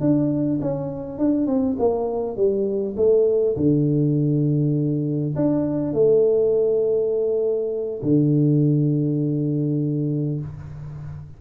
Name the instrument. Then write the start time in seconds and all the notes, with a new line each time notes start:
tuba
0.00 D4
0.61 C#4
1.18 D4
1.46 C4
1.78 A#3
2.36 G3
2.96 A3
3.56 D3
5.35 D4
5.93 A3
8.02 D3